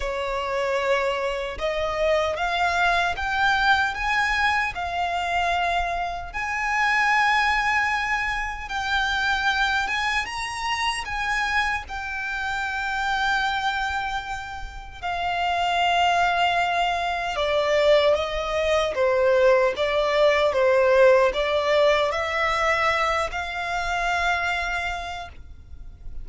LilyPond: \new Staff \with { instrumentName = "violin" } { \time 4/4 \tempo 4 = 76 cis''2 dis''4 f''4 | g''4 gis''4 f''2 | gis''2. g''4~ | g''8 gis''8 ais''4 gis''4 g''4~ |
g''2. f''4~ | f''2 d''4 dis''4 | c''4 d''4 c''4 d''4 | e''4. f''2~ f''8 | }